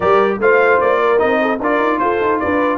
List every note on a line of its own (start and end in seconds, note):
0.00 0.39 G3
0.00 0.41 G4
0.00 0.39 A#4
0.00 0.38 D5
0.39 0.79 A3
0.39 1.17 F4
0.39 1.00 C5
0.39 0.80 F5
0.80 1.21 A#3
0.80 1.18 D5
1.00 1.40 A#4
1.17 1.59 C4
1.17 1.57 D#4
1.17 1.58 D#5
1.41 1.59 A4
1.59 1.79 D4
1.59 2.77 F4
1.59 1.99 A#4
1.59 1.98 D5
1.79 1.99 D#4
1.98 2.20 F4
1.98 2.41 A4
1.98 2.38 C5
2.20 2.40 D#4
2.39 2.77 D4
2.39 2.77 B4
2.39 2.77 D5